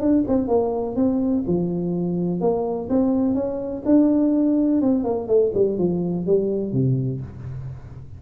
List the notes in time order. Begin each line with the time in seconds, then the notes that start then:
0.00 D4
0.27 C4
0.48 A#3
0.96 C4
1.47 F3
2.40 A#3
2.89 C4
3.34 C#4
3.85 D4
4.81 C4
5.03 A#3
5.28 A3
5.54 G3
5.78 F3
6.26 G3
6.72 C3